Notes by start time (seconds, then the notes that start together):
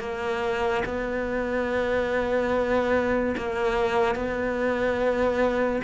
0.00 A#3
0.86 B3
3.37 A#3
4.15 B3